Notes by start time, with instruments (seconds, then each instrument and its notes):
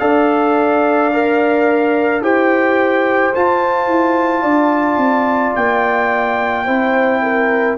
0.00 tuba D4, trombone A4, horn D5, trumpet F5
1.13 trombone A#4
2.21 tuba E4, trombone G4, horn C5, trumpet G5
3.35 tuba F4, trombone F4, trumpet A5
3.88 tuba E4
4.43 tuba D4, horn D5
4.97 tuba C4
5.56 tuba A#3, trumpet G5
6.65 tuba C4, trombone E4, horn C5
7.23 horn A#4